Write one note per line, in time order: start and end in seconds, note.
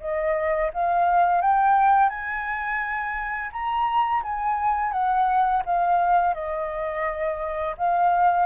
0.00 0.71 D#5
0.73 1.41 F5
1.41 2.09 G5
2.09 3.50 G#5
3.52 4.23 A#5
4.23 4.92 G#5
4.92 5.62 F#5
5.65 6.34 F5
6.34 7.75 D#5
7.77 8.46 F5